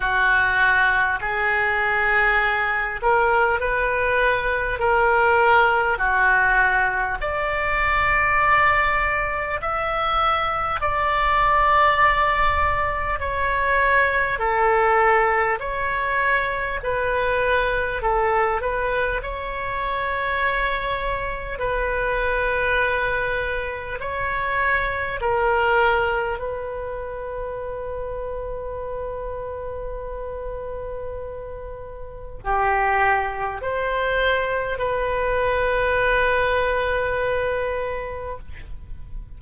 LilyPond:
\new Staff \with { instrumentName = "oboe" } { \time 4/4 \tempo 4 = 50 fis'4 gis'4. ais'8 b'4 | ais'4 fis'4 d''2 | e''4 d''2 cis''4 | a'4 cis''4 b'4 a'8 b'8 |
cis''2 b'2 | cis''4 ais'4 b'2~ | b'2. g'4 | c''4 b'2. | }